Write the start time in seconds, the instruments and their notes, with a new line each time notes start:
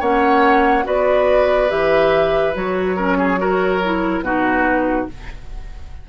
0.00 bassoon A#3, clarinet C#4, oboe C#5, flute F#5
0.84 bassoon B3, clarinet F#4, oboe B4, flute D5
1.69 bassoon E3, clarinet G4, flute E5
2.54 bassoon F#3, clarinet F#4, flute C#5
2.96 clarinet C#4, oboe A#4
3.18 oboe G#4
3.38 clarinet F#4, oboe A#4
3.85 clarinet E4
4.21 bassoon B2, clarinet D#4, oboe F#4, flute B4